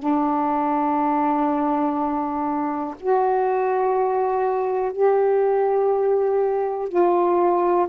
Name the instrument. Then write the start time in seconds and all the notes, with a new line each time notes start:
saxophone
0.00 D4
3.00 F#4
4.93 G4
6.89 F4